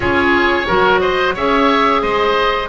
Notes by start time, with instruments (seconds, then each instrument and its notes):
0.00 double bass C#4, clarinet F4, oboe G#4 C#5
0.67 double bass F#3, clarinet F#4, oboe A#4
0.99 oboe C5 D#5
1.34 double bass C#4, clarinet G#4, oboe C#5 E5
2.01 double bass G#3, oboe C5 D#5